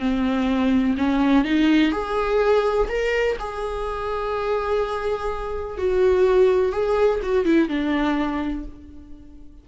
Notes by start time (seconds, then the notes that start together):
0.00 C4
0.98 C#4
1.45 D#4
1.92 G#4
2.89 A#4
3.40 G#4
5.78 F#4
6.72 G#4
7.23 F#4
7.46 E4
7.69 D4